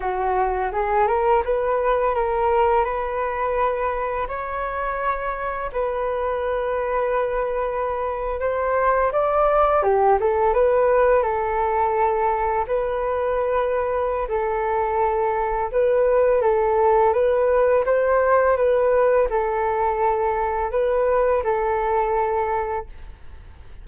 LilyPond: \new Staff \with { instrumentName = "flute" } { \time 4/4 \tempo 4 = 84 fis'4 gis'8 ais'8 b'4 ais'4 | b'2 cis''2 | b'2.~ b'8. c''16~ | c''8. d''4 g'8 a'8 b'4 a'16~ |
a'4.~ a'16 b'2~ b'16 | a'2 b'4 a'4 | b'4 c''4 b'4 a'4~ | a'4 b'4 a'2 | }